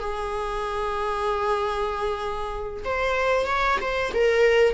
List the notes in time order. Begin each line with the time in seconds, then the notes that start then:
0.00 G#4
2.85 C5
3.47 C#5
3.81 C5
4.14 A#4